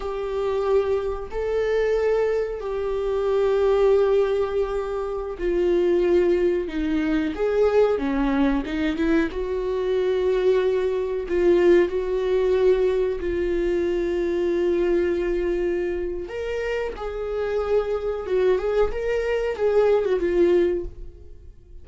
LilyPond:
\new Staff \with { instrumentName = "viola" } { \time 4/4 \tempo 4 = 92 g'2 a'2 | g'1~ | g'16 f'2 dis'4 gis'8.~ | gis'16 cis'4 dis'8 e'8 fis'4.~ fis'16~ |
fis'4~ fis'16 f'4 fis'4.~ fis'16~ | fis'16 f'2.~ f'8.~ | f'4 ais'4 gis'2 | fis'8 gis'8 ais'4 gis'8. fis'16 f'4 | }